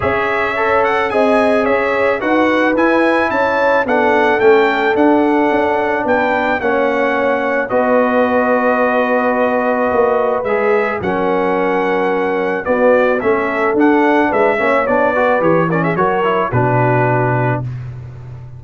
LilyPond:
<<
  \new Staff \with { instrumentName = "trumpet" } { \time 4/4 \tempo 4 = 109 e''4. fis''8 gis''4 e''4 | fis''4 gis''4 a''4 fis''4 | g''4 fis''2 g''4 | fis''2 dis''2~ |
dis''2. e''4 | fis''2. d''4 | e''4 fis''4 e''4 d''4 | cis''8 d''16 e''16 cis''4 b'2 | }
  \new Staff \with { instrumentName = "horn" } { \time 4/4 cis''2 dis''4 cis''4 | b'2 cis''4 a'4~ | a'2. b'4 | cis''2 b'2~ |
b'1 | ais'2. fis'4 | a'2 b'8 cis''4 b'8~ | b'8 ais'16 gis'16 ais'4 fis'2 | }
  \new Staff \with { instrumentName = "trombone" } { \time 4/4 gis'4 a'4 gis'2 | fis'4 e'2 d'4 | cis'4 d'2. | cis'2 fis'2~ |
fis'2. gis'4 | cis'2. b4 | cis'4 d'4. cis'8 d'8 fis'8 | g'8 cis'8 fis'8 e'8 d'2 | }
  \new Staff \with { instrumentName = "tuba" } { \time 4/4 cis'2 c'4 cis'4 | dis'4 e'4 cis'4 b4 | a4 d'4 cis'4 b4 | ais2 b2~ |
b2 ais4 gis4 | fis2. b4 | a4 d'4 gis8 ais8 b4 | e4 fis4 b,2 | }
>>